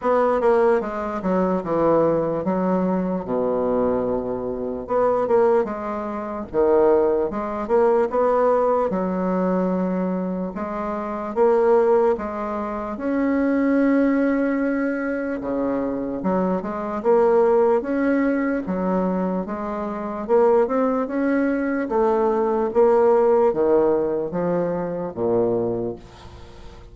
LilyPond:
\new Staff \with { instrumentName = "bassoon" } { \time 4/4 \tempo 4 = 74 b8 ais8 gis8 fis8 e4 fis4 | b,2 b8 ais8 gis4 | dis4 gis8 ais8 b4 fis4~ | fis4 gis4 ais4 gis4 |
cis'2. cis4 | fis8 gis8 ais4 cis'4 fis4 | gis4 ais8 c'8 cis'4 a4 | ais4 dis4 f4 ais,4 | }